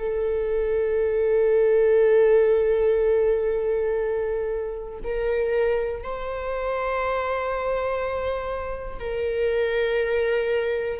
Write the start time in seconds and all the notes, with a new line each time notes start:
0.00 A4
5.04 A#4
6.04 C5
9.00 A#4